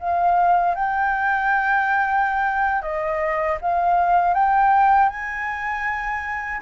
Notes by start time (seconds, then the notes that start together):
0.00 F5
0.75 G5
2.82 D#5
3.61 F5
4.35 G5
5.10 G#5